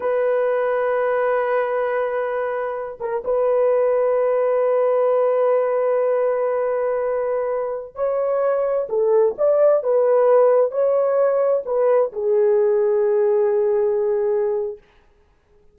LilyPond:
\new Staff \with { instrumentName = "horn" } { \time 4/4 \tempo 4 = 130 b'1~ | b'2~ b'8 ais'8 b'4~ | b'1~ | b'1~ |
b'4~ b'16 cis''2 a'8.~ | a'16 d''4 b'2 cis''8.~ | cis''4~ cis''16 b'4 gis'4.~ gis'16~ | gis'1 | }